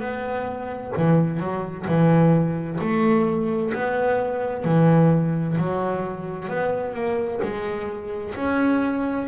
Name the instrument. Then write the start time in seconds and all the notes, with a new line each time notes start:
double bass
0.00 B3
0.97 E3
1.40 F#3
1.87 E3
2.81 A3
3.74 B3
4.64 E3
5.58 F#3
6.49 B3
6.94 A#3
7.43 G#3
8.35 C#4